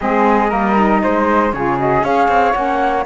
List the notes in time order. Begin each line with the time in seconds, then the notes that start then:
0.00 G#3 C4 G#4 D#5
0.49 G3 A#3 A#4
0.76 D#4
1.02 G#3 C5
1.52 C#3 F4 G#4 C#5
1.78 F#4 D#5
2.02 C#4 G#4 C#5 F5
2.28 C4
2.52 A#3 C#4 F#5